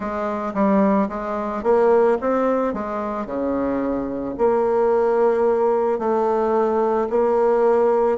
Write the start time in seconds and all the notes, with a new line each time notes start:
0.00 G#3
0.54 G3
1.09 G#3
1.63 A#3
2.21 C4
2.73 G#3
3.25 C#3
4.37 A#3
5.99 A3
7.10 A#3